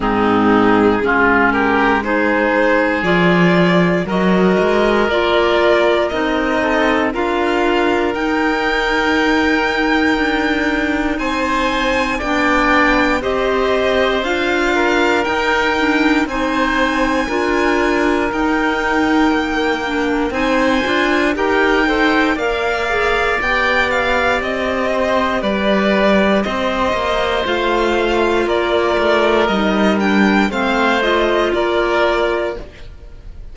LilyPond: <<
  \new Staff \with { instrumentName = "violin" } { \time 4/4 \tempo 4 = 59 gis'4. ais'8 c''4 d''4 | dis''4 d''4 dis''4 f''4 | g''2. gis''4 | g''4 dis''4 f''4 g''4 |
gis''2 g''2 | gis''4 g''4 f''4 g''8 f''8 | dis''4 d''4 dis''4 f''4 | d''4 dis''8 g''8 f''8 dis''8 d''4 | }
  \new Staff \with { instrumentName = "oboe" } { \time 4/4 dis'4 f'8 g'8 gis'2 | ais'2~ ais'8 a'8 ais'4~ | ais'2. c''4 | d''4 c''4. ais'4. |
c''4 ais'2. | c''4 ais'8 c''8 d''2~ | d''8 c''8 b'4 c''2 | ais'2 c''4 ais'4 | }
  \new Staff \with { instrumentName = "clarinet" } { \time 4/4 c'4 cis'4 dis'4 f'4 | fis'4 f'4 dis'4 f'4 | dis'1 | d'4 g'4 f'4 dis'8 d'8 |
dis'4 f'4 dis'4. d'8 | dis'8 f'8 g'8 a'8 ais'8 gis'8 g'4~ | g'2. f'4~ | f'4 dis'8 d'8 c'8 f'4. | }
  \new Staff \with { instrumentName = "cello" } { \time 4/4 gis,4 gis2 f4 | fis8 gis8 ais4 c'4 d'4 | dis'2 d'4 c'4 | b4 c'4 d'4 dis'4 |
c'4 d'4 dis'4 ais4 | c'8 d'8 dis'4 ais4 b4 | c'4 g4 c'8 ais8 a4 | ais8 a8 g4 a4 ais4 | }
>>